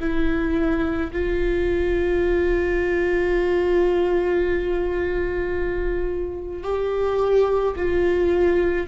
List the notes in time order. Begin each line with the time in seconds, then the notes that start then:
0.00 E4
1.13 F4
6.64 G4
7.76 F4